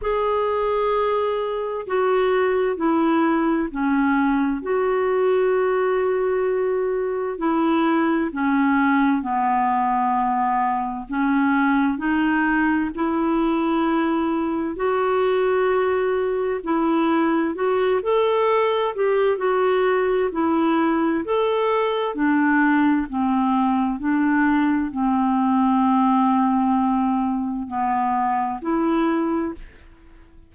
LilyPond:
\new Staff \with { instrumentName = "clarinet" } { \time 4/4 \tempo 4 = 65 gis'2 fis'4 e'4 | cis'4 fis'2. | e'4 cis'4 b2 | cis'4 dis'4 e'2 |
fis'2 e'4 fis'8 a'8~ | a'8 g'8 fis'4 e'4 a'4 | d'4 c'4 d'4 c'4~ | c'2 b4 e'4 | }